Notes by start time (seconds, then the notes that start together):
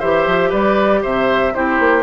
0.00 E3 G4 C5 E5
0.27 F3
0.50 G3 B4 D5
1.02 C3 C5 E5
1.55 C4 E4 G4 C5
1.80 A#3